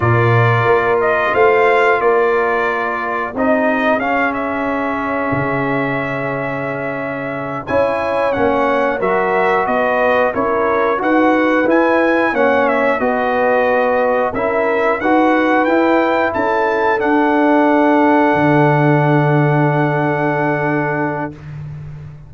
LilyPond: <<
  \new Staff \with { instrumentName = "trumpet" } { \time 4/4 \tempo 4 = 90 d''4. dis''8 f''4 d''4~ | d''4 dis''4 f''8 e''4.~ | e''2.~ e''8 gis''8~ | gis''8 fis''4 e''4 dis''4 cis''8~ |
cis''8 fis''4 gis''4 fis''8 e''8 dis''8~ | dis''4. e''4 fis''4 g''8~ | g''8 a''4 fis''2~ fis''8~ | fis''1 | }
  \new Staff \with { instrumentName = "horn" } { \time 4/4 ais'2 c''4 ais'4~ | ais'4 gis'2.~ | gis'2.~ gis'8 cis''8~ | cis''4. ais'4 b'4 ais'8~ |
ais'8 b'2 cis''4 b'8~ | b'4. ais'4 b'4.~ | b'8 a'2.~ a'8~ | a'1 | }
  \new Staff \with { instrumentName = "trombone" } { \time 4/4 f'1~ | f'4 dis'4 cis'2~ | cis'2.~ cis'8 e'8~ | e'8 cis'4 fis'2 e'8~ |
e'8 fis'4 e'4 cis'4 fis'8~ | fis'4. e'4 fis'4 e'8~ | e'4. d'2~ d'8~ | d'1 | }
  \new Staff \with { instrumentName = "tuba" } { \time 4/4 ais,4 ais4 a4 ais4~ | ais4 c'4 cis'2 | cis2.~ cis8 cis'8~ | cis'8 ais4 fis4 b4 cis'8~ |
cis'8 dis'4 e'4 ais4 b8~ | b4. cis'4 dis'4 e'8~ | e'8 cis'4 d'2 d8~ | d1 | }
>>